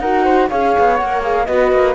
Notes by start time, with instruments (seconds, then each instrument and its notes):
0.00 cello D#4, viola F#4, flute A#4 F#5
0.24 flute C5
0.49 cello C#4, viola G#4, flute C#5 F5
0.79 cello B3
0.97 cello A#3, viola A#4, flute F#5
1.22 viola G#4, flute F5
1.46 cello B3, viola F#4, flute B4 D#5
1.72 cello A#3